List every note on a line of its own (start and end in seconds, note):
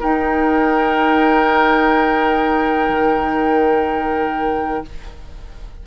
0.00 4.85 D#4
0.00 2.89 D#4
0.00 4.84 A#4
0.00 4.87 G5
2.89 4.83 D#3